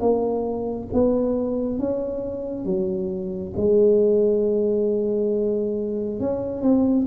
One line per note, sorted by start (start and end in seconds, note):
0.00 0.88 A#3
0.93 1.79 B3
1.79 2.65 C#4
2.65 3.53 F#3
3.57 6.20 G#3
6.20 6.62 C#4
6.62 7.06 C4